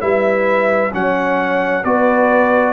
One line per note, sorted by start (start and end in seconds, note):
0.00 0.93 G3
0.00 0.91 E4
0.00 0.92 B4
0.00 0.92 E5
0.92 1.84 F#3
0.92 1.83 C#4
0.92 1.84 C#5
0.92 1.84 F#5
1.84 2.73 B3
1.84 2.73 F#4
1.84 2.73 B4
1.84 2.73 D5